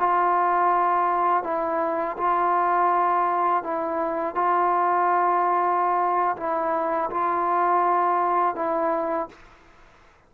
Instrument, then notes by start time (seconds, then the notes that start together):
trombone
0.00 F4
1.44 E4
2.18 F4
3.64 E4
4.36 F4
6.37 E4
7.11 F4
8.56 E4